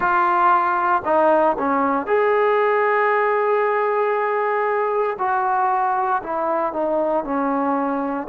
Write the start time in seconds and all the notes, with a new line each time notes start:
0.00 F4
1.04 D#4
1.58 C#4
2.06 G#4
5.18 F#4
6.23 E4
6.72 D#4
7.24 C#4